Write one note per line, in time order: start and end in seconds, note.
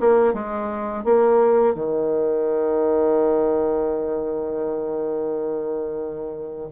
0.00 0.34 A#3
0.34 1.04 G#3
1.04 1.75 A#3
1.75 6.69 D#3